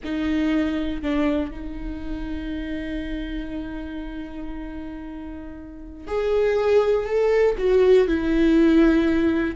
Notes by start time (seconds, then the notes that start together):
0.03 D#4
1.02 D4
1.50 D#4
6.07 G#4
7.05 A4
7.58 F#4
8.07 E4